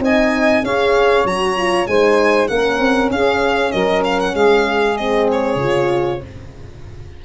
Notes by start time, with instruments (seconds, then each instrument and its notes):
0.00 tuba C4, horn D#4, saxophone D#5, violin G#5
0.63 tuba C#4, horn G#4, saxophone C#5, violin F5
1.25 tuba F#3, horn F#4, violin A#5
1.57 horn F4
1.87 tuba G#3, horn D#4, saxophone C5, violin G#5
2.48 tuba A#3, horn C#4, saxophone A#4, violin F#5
2.79 tuba C4
3.11 tuba C#4, saxophone G#4, violin F5
3.72 tuba F#3, saxophone A#4, violin D#5
4.05 violin F5
4.20 violin F#5
4.33 tuba G#3, saxophone G#4, violin F5
4.98 horn C4, violin D#5
5.32 violin C#5
5.56 tuba C#3, horn F4